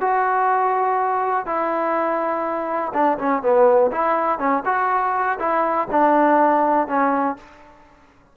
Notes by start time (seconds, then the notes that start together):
0.00 F#4
1.46 E4
2.93 D4
3.18 C#4
3.42 B3
3.91 E4
4.38 C#4
4.65 F#4
5.39 E4
5.91 D4
6.87 C#4